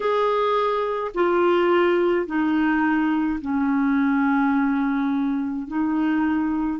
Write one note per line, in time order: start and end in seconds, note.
0.00 1.11 G#4
1.14 2.26 F4
2.26 3.39 D#4
3.41 5.67 C#4
5.67 6.79 D#4